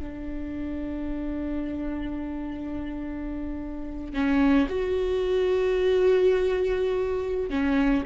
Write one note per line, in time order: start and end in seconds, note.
0.00 4.14 D4
4.14 4.68 C#4
4.69 7.50 F#4
7.50 8.04 C#4